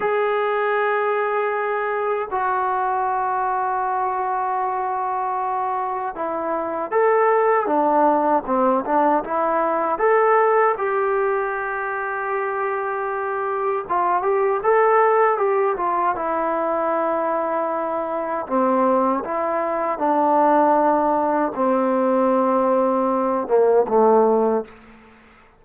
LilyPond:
\new Staff \with { instrumentName = "trombone" } { \time 4/4 \tempo 4 = 78 gis'2. fis'4~ | fis'1 | e'4 a'4 d'4 c'8 d'8 | e'4 a'4 g'2~ |
g'2 f'8 g'8 a'4 | g'8 f'8 e'2. | c'4 e'4 d'2 | c'2~ c'8 ais8 a4 | }